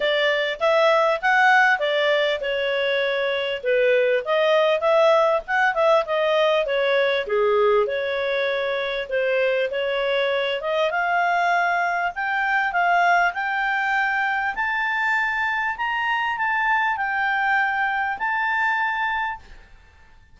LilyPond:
\new Staff \with { instrumentName = "clarinet" } { \time 4/4 \tempo 4 = 99 d''4 e''4 fis''4 d''4 | cis''2 b'4 dis''4 | e''4 fis''8 e''8 dis''4 cis''4 | gis'4 cis''2 c''4 |
cis''4. dis''8 f''2 | g''4 f''4 g''2 | a''2 ais''4 a''4 | g''2 a''2 | }